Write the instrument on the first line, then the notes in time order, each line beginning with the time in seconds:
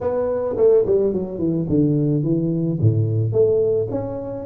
tuba
0.00 B3
0.57 A3
0.86 G3
1.13 F#3
1.38 E3
1.68 D3
2.23 E3
2.80 A2
3.32 A3
3.90 C#4